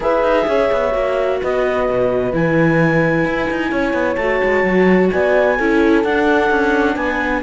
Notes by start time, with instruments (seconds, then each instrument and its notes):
0.00 cello E4, viola G#4, horn B4, clarinet E5
0.23 cello D#4
0.47 cello C#4, horn C#5
0.71 cello B3
0.91 cello A#3, viola F#4
1.41 cello B3, horn B4, clarinet D#5
1.88 cello B2
2.33 cello E3, viola E4, clarinet G#5
3.24 cello E4
3.50 cello D#4
3.70 cello C#4, horn C#5
3.93 cello B3
4.15 cello A3, viola F#4, clarinet A5
4.43 cello G#3
4.63 cello F#3
5.11 cello B3, horn D5, clarinet G#5
5.56 cello C#4, viola E4, horn A4
6.03 cello D4, viola D4, clarinet F#5
6.50 cello C#4
6.95 cello B3, horn B4, clarinet G#5